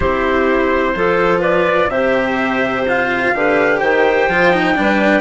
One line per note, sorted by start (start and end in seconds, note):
0.00 0.95 C4
0.00 0.94 E4
0.00 0.93 G4
0.00 1.41 C5
0.95 1.88 F3
0.95 1.91 F4
0.95 1.40 A4
1.40 1.88 B4
1.40 1.89 D5
1.88 3.31 C3
1.88 2.86 G4
1.88 3.33 C5
1.88 2.85 E5
2.87 3.35 F4
2.87 3.79 F5
3.34 3.81 D3
3.34 4.30 G4
3.34 3.78 B4
3.78 4.28 D#3
3.78 4.74 C5
3.78 5.20 G5
4.28 4.75 F3
4.28 4.53 F4
4.53 4.75 D#4
4.75 5.20 G3
4.75 5.20 D4
4.75 5.20 B4